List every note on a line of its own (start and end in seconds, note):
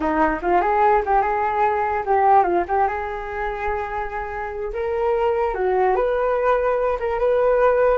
0.00 0.39 D#4
0.42 0.61 F4
0.61 1.02 G#4
1.05 1.21 G4
1.21 2.03 G#4
2.05 2.43 G4
2.43 2.63 F4
2.67 2.87 G4
2.87 4.72 G#4
4.73 5.54 A#4
5.54 5.95 F#4
5.95 6.98 B4
6.99 7.19 A#4
7.19 7.98 B4